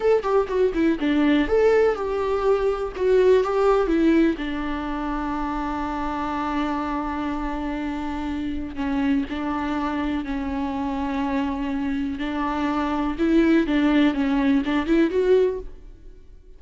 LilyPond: \new Staff \with { instrumentName = "viola" } { \time 4/4 \tempo 4 = 123 a'8 g'8 fis'8 e'8 d'4 a'4 | g'2 fis'4 g'4 | e'4 d'2.~ | d'1~ |
d'2 cis'4 d'4~ | d'4 cis'2.~ | cis'4 d'2 e'4 | d'4 cis'4 d'8 e'8 fis'4 | }